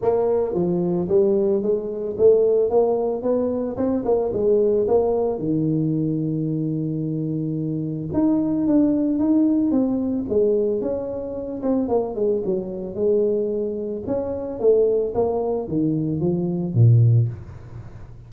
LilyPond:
\new Staff \with { instrumentName = "tuba" } { \time 4/4 \tempo 4 = 111 ais4 f4 g4 gis4 | a4 ais4 b4 c'8 ais8 | gis4 ais4 dis2~ | dis2. dis'4 |
d'4 dis'4 c'4 gis4 | cis'4. c'8 ais8 gis8 fis4 | gis2 cis'4 a4 | ais4 dis4 f4 ais,4 | }